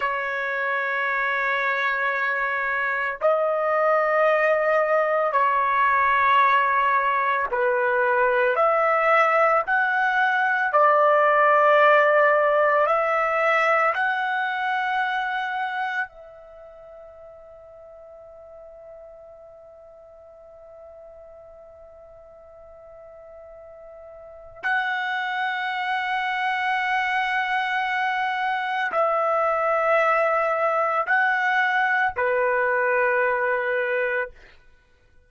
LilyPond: \new Staff \with { instrumentName = "trumpet" } { \time 4/4 \tempo 4 = 56 cis''2. dis''4~ | dis''4 cis''2 b'4 | e''4 fis''4 d''2 | e''4 fis''2 e''4~ |
e''1~ | e''2. fis''4~ | fis''2. e''4~ | e''4 fis''4 b'2 | }